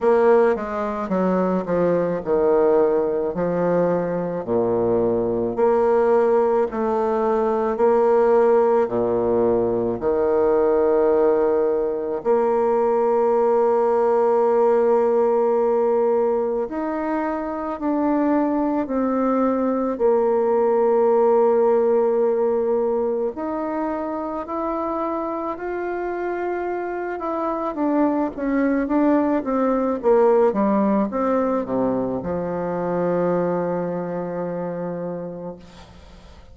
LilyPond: \new Staff \with { instrumentName = "bassoon" } { \time 4/4 \tempo 4 = 54 ais8 gis8 fis8 f8 dis4 f4 | ais,4 ais4 a4 ais4 | ais,4 dis2 ais4~ | ais2. dis'4 |
d'4 c'4 ais2~ | ais4 dis'4 e'4 f'4~ | f'8 e'8 d'8 cis'8 d'8 c'8 ais8 g8 | c'8 c8 f2. | }